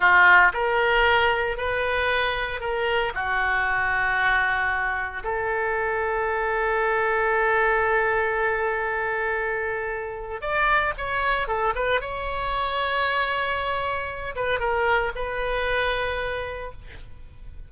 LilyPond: \new Staff \with { instrumentName = "oboe" } { \time 4/4 \tempo 4 = 115 f'4 ais'2 b'4~ | b'4 ais'4 fis'2~ | fis'2 a'2~ | a'1~ |
a'1 | d''4 cis''4 a'8 b'8 cis''4~ | cis''2.~ cis''8 b'8 | ais'4 b'2. | }